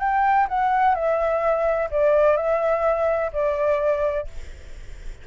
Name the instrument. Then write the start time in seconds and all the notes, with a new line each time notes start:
flute
0.00 G5
0.49 F#5
0.95 E5
1.91 D5
2.37 E5
3.33 D5